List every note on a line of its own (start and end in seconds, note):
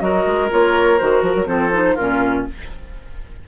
0.00 0.25 F#3
0.00 0.49 F#4
0.00 1.48 A#4
0.00 0.49 D#5
0.26 0.51 G#3
0.50 1.01 A#3
0.50 0.99 F4
0.50 0.98 C#5
0.98 1.22 D#3
0.98 1.46 F#4
0.98 1.22 C5
1.22 1.34 F3
1.22 1.47 A#4
1.35 1.47 F#3
1.46 1.96 F3
1.46 1.70 C4
1.46 1.95 A4
1.46 1.96 C5
1.72 1.96 D#4
1.95 2.48 A#2
1.95 2.48 C#4
1.95 2.44 F4
1.95 2.45 A#4